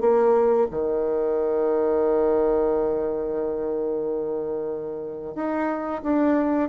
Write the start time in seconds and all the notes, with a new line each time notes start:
0.00 A#3
0.70 D#3
5.35 D#4
6.02 D4